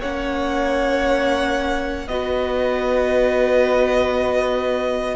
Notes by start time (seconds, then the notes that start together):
0.00 A#3 C#4 C#5 F#5
2.08 B3 F#4 B4 D#5